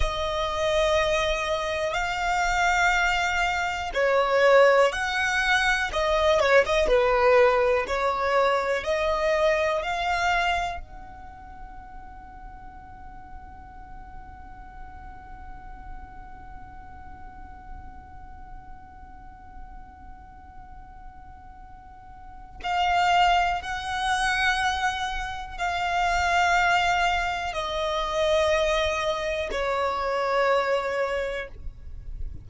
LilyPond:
\new Staff \with { instrumentName = "violin" } { \time 4/4 \tempo 4 = 61 dis''2 f''2 | cis''4 fis''4 dis''8 cis''16 dis''16 b'4 | cis''4 dis''4 f''4 fis''4~ | fis''1~ |
fis''1~ | fis''2. f''4 | fis''2 f''2 | dis''2 cis''2 | }